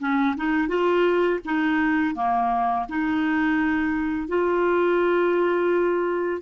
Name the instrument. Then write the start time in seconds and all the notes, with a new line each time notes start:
clarinet
0.00 C#4
0.37 D#4
0.69 F4
1.45 D#4
2.16 A#3
2.89 D#4
4.29 F4